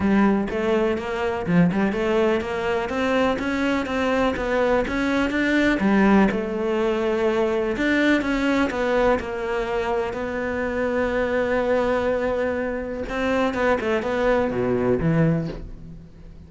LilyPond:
\new Staff \with { instrumentName = "cello" } { \time 4/4 \tempo 4 = 124 g4 a4 ais4 f8 g8 | a4 ais4 c'4 cis'4 | c'4 b4 cis'4 d'4 | g4 a2. |
d'4 cis'4 b4 ais4~ | ais4 b2.~ | b2. c'4 | b8 a8 b4 b,4 e4 | }